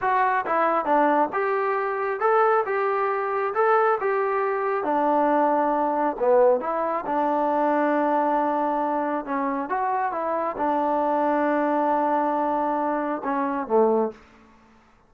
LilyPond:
\new Staff \with { instrumentName = "trombone" } { \time 4/4 \tempo 4 = 136 fis'4 e'4 d'4 g'4~ | g'4 a'4 g'2 | a'4 g'2 d'4~ | d'2 b4 e'4 |
d'1~ | d'4 cis'4 fis'4 e'4 | d'1~ | d'2 cis'4 a4 | }